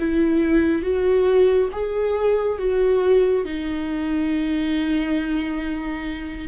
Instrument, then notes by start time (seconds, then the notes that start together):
viola
0.00 E4
0.83 F#4
1.73 G#4
2.59 F#4
3.45 D#4